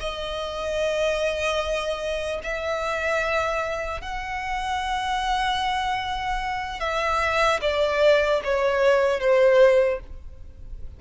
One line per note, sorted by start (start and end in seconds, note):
0.00 2.40 D#5
2.43 4.01 E5
4.01 6.80 F#5
6.80 7.60 E5
7.61 8.41 D5
8.44 9.20 C#5
9.20 10.00 C5